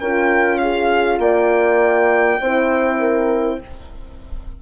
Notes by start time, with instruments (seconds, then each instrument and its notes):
0.00 bassoon C#4, horn F4 A#4, violin G5
0.58 horn G#4, violin F5
1.18 bassoon A#3, horn D5, violin G5
2.41 bassoon C4, horn E4 C5
2.99 horn A#4